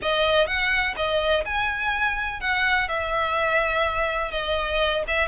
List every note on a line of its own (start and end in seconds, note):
0.01 0.46 D#5
0.46 0.94 F#5
0.96 1.44 D#5
1.45 2.40 G#5
2.40 2.88 F#5
2.88 4.31 E5
4.31 5.03 D#5
5.07 5.28 E5